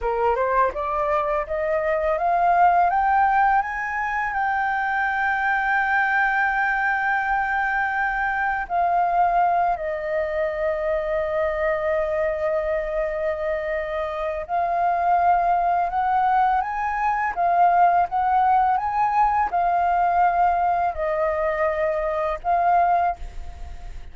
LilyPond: \new Staff \with { instrumentName = "flute" } { \time 4/4 \tempo 4 = 83 ais'8 c''8 d''4 dis''4 f''4 | g''4 gis''4 g''2~ | g''1 | f''4. dis''2~ dis''8~ |
dis''1 | f''2 fis''4 gis''4 | f''4 fis''4 gis''4 f''4~ | f''4 dis''2 f''4 | }